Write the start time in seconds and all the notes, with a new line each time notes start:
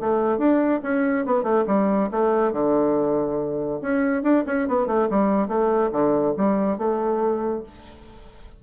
0.00 A3
0.38 D4
0.83 C#4
1.26 B3
1.43 A3
1.67 G3
2.11 A3
2.52 D3
3.82 C#4
4.23 D4
4.47 C#4
4.68 B3
4.87 A3
5.10 G3
5.48 A3
5.92 D3
6.38 G3
6.78 A3